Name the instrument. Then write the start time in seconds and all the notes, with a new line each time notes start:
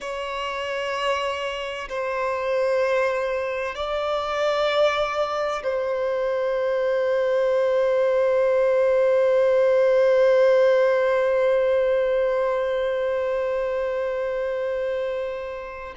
violin
0.00 C#5
1.88 C5
3.75 D5
5.62 C5